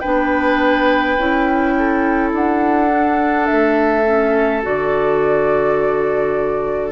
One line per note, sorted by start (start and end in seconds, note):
0.00 1.18 B3
0.00 1.19 D4
0.00 1.74 B4
0.00 2.31 G5
1.18 2.33 C#4
1.18 2.89 E4
1.79 6.92 A4
2.33 3.48 D4
2.33 3.46 F#5
2.89 4.04 D4
3.46 4.66 A3
3.46 4.62 E5
4.05 4.62 C#4
4.63 6.92 D3
4.63 6.92 F#4
4.63 6.92 D5